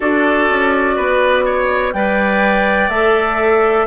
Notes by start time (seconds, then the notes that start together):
0.00 D4 F#4 A4 D5
0.49 C#4
0.96 B3 B4
1.45 C#5
1.92 G3 B4 D5 G5
2.89 A3 A4 E5